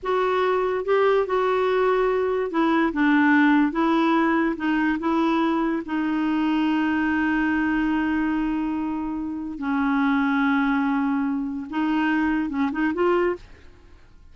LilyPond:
\new Staff \with { instrumentName = "clarinet" } { \time 4/4 \tempo 4 = 144 fis'2 g'4 fis'4~ | fis'2 e'4 d'4~ | d'4 e'2 dis'4 | e'2 dis'2~ |
dis'1~ | dis'2. cis'4~ | cis'1 | dis'2 cis'8 dis'8 f'4 | }